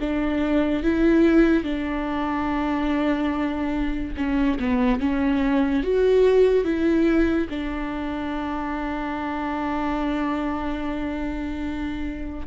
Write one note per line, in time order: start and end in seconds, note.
0.00 0.83 D4
0.83 1.63 E4
1.63 4.13 D4
4.17 4.58 C#4
4.59 5.00 B3
5.00 5.83 C#4
5.83 6.64 F#4
6.64 7.47 E4
7.49 12.47 D4